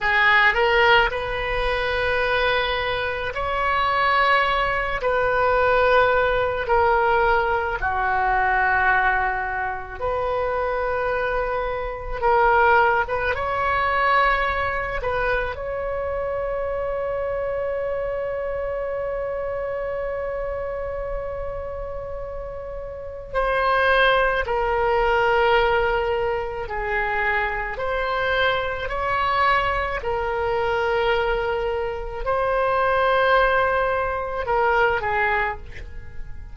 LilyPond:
\new Staff \with { instrumentName = "oboe" } { \time 4/4 \tempo 4 = 54 gis'8 ais'8 b'2 cis''4~ | cis''8 b'4. ais'4 fis'4~ | fis'4 b'2 ais'8. b'16 | cis''4. b'8 cis''2~ |
cis''1~ | cis''4 c''4 ais'2 | gis'4 c''4 cis''4 ais'4~ | ais'4 c''2 ais'8 gis'8 | }